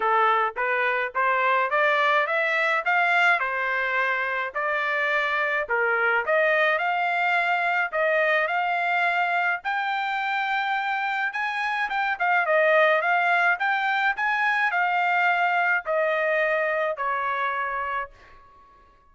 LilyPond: \new Staff \with { instrumentName = "trumpet" } { \time 4/4 \tempo 4 = 106 a'4 b'4 c''4 d''4 | e''4 f''4 c''2 | d''2 ais'4 dis''4 | f''2 dis''4 f''4~ |
f''4 g''2. | gis''4 g''8 f''8 dis''4 f''4 | g''4 gis''4 f''2 | dis''2 cis''2 | }